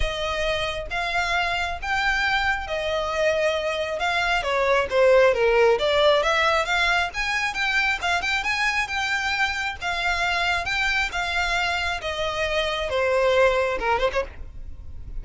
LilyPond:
\new Staff \with { instrumentName = "violin" } { \time 4/4 \tempo 4 = 135 dis''2 f''2 | g''2 dis''2~ | dis''4 f''4 cis''4 c''4 | ais'4 d''4 e''4 f''4 |
gis''4 g''4 f''8 g''8 gis''4 | g''2 f''2 | g''4 f''2 dis''4~ | dis''4 c''2 ais'8 c''16 cis''16 | }